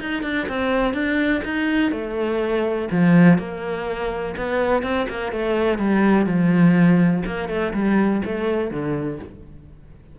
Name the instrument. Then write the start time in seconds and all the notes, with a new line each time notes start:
cello
0.00 D#4
0.23 D4
0.49 C4
0.94 D4
1.45 D#4
1.92 A3
2.91 F3
3.38 A#3
4.37 B3
4.83 C4
5.09 A#3
5.32 A3
5.78 G3
6.26 F3
7.26 A#3
7.49 A3
7.74 G3
8.25 A3
8.71 D3